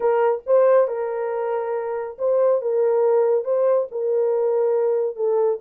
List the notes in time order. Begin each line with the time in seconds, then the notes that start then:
0.00 A#4
0.46 C5
0.87 A#4
2.18 C5
2.61 A#4
3.44 C5
3.91 A#4
5.16 A4